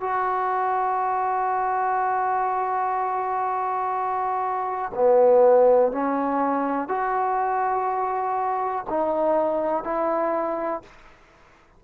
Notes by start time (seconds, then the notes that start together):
0.00 F#4
4.94 B3
5.92 C#4
6.88 F#4
8.89 D#4
9.84 E4